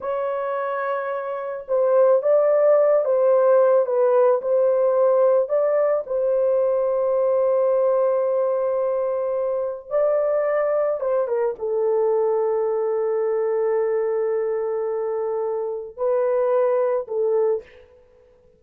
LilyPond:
\new Staff \with { instrumentName = "horn" } { \time 4/4 \tempo 4 = 109 cis''2. c''4 | d''4. c''4. b'4 | c''2 d''4 c''4~ | c''1~ |
c''2 d''2 | c''8 ais'8 a'2.~ | a'1~ | a'4 b'2 a'4 | }